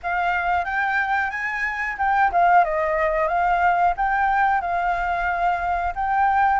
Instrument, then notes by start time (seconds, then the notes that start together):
flute
0.02 F5
0.64 G5
1.30 G#5
1.98 G5
2.32 F5
2.64 D#5
3.28 F5
3.96 G5
4.61 F5
5.95 G5